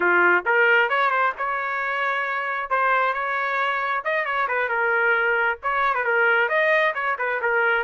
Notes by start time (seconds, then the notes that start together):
0.00 F4
0.45 A#4
0.89 C#5
1.11 C5
1.37 C#5
2.69 C5
3.13 C#5
4.04 D#5
4.25 C#5
4.48 B4
4.68 A#4
5.62 C#5
5.94 B4
6.04 A#4
6.48 D#5
6.94 C#5
7.18 B4
7.41 A#4